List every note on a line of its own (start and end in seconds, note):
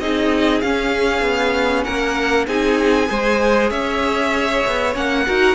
0.00 0.62 C4
0.00 0.63 D#4
0.00 1.85 G#4
0.00 0.61 D#5
0.61 1.22 C#4
0.61 2.48 C#4
0.61 1.84 F5
1.22 1.84 B3
1.84 2.48 A#3
1.84 2.47 A#4
1.84 2.46 F#5
2.48 3.10 C4
2.48 3.07 D#4
2.48 3.09 G#4
2.48 3.70 G#5
3.07 3.71 G#3
3.07 4.92 G#4
3.07 3.71 C5
3.70 4.64 C#4
3.70 5.25 C#5
3.70 4.94 E5
4.67 4.96 B3
4.95 5.27 A#3
4.95 5.26 C#4
4.95 5.55 F#5
5.26 5.55 D#4
5.26 5.55 F#4
5.26 5.55 A#4